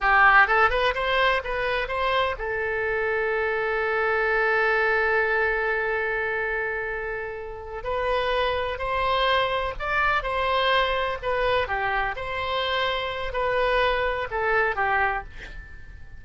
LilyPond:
\new Staff \with { instrumentName = "oboe" } { \time 4/4 \tempo 4 = 126 g'4 a'8 b'8 c''4 b'4 | c''4 a'2.~ | a'1~ | a'1~ |
a'8 b'2 c''4.~ | c''8 d''4 c''2 b'8~ | b'8 g'4 c''2~ c''8 | b'2 a'4 g'4 | }